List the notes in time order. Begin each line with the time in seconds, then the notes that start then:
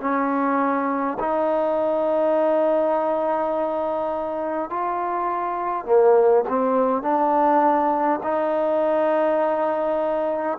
0.00 C#4
1.19 D#4
4.70 F4
5.85 A#3
6.48 C4
7.02 D4
8.23 D#4